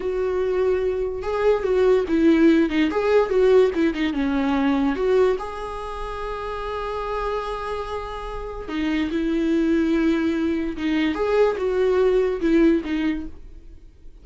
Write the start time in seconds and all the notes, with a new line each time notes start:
0.00 F#4
1.22 G#4
1.63 F#4
2.07 E4
2.69 D#4
2.90 G#4
3.29 F#4
3.74 E4
3.93 D#4
4.13 C#4
4.95 F#4
5.38 G#4
8.68 D#4
9.10 E4
10.76 D#4
11.15 G#4
11.57 F#4
12.40 E4
12.84 D#4